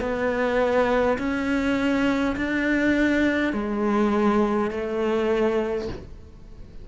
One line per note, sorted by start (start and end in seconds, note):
0.00 1.18 B3
1.18 2.36 C#4
2.36 3.53 D4
3.53 4.71 G#3
4.71 5.88 A3